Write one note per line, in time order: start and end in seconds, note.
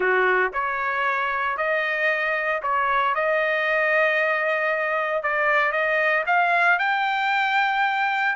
0.00 0.51 F#4
0.53 1.57 C#5
1.57 2.61 D#5
2.62 3.14 C#5
3.14 5.22 D#5
5.22 5.72 D5
5.72 6.24 D#5
6.26 6.78 F5
6.78 8.35 G5